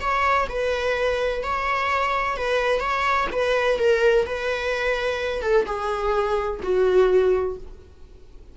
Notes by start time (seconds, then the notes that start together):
0.00 C#5
0.49 B4
1.43 C#5
2.36 B4
2.80 C#5
3.32 B4
3.78 A#4
4.26 B4
5.42 A4
5.66 G#4
6.62 F#4